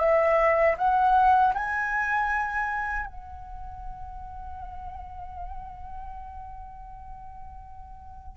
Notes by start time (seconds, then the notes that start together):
0.00 E5
0.78 F#5
1.55 G#5
3.07 F#5